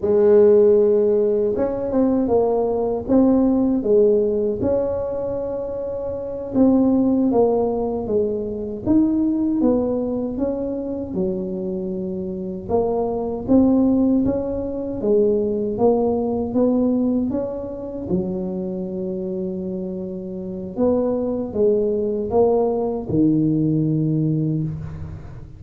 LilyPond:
\new Staff \with { instrumentName = "tuba" } { \time 4/4 \tempo 4 = 78 gis2 cis'8 c'8 ais4 | c'4 gis4 cis'2~ | cis'8 c'4 ais4 gis4 dis'8~ | dis'8 b4 cis'4 fis4.~ |
fis8 ais4 c'4 cis'4 gis8~ | gis8 ais4 b4 cis'4 fis8~ | fis2. b4 | gis4 ais4 dis2 | }